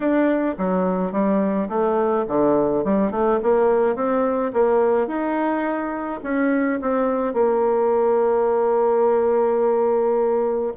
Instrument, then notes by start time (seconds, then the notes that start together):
bassoon
0.00 D4
0.58 F#3
1.11 G3
1.68 A3
2.27 D3
2.84 G3
3.11 A3
3.42 A#3
3.95 C4
4.53 A#3
5.07 D#4
6.23 C#4
6.81 C4
7.33 A#3